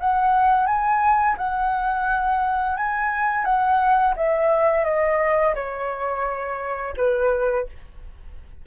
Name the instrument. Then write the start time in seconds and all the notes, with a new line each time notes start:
flute
0.00 F#5
0.66 G#5
1.38 F#5
2.77 G#5
3.45 F#5
4.16 E5
4.84 D#5
5.55 C#5
6.97 B4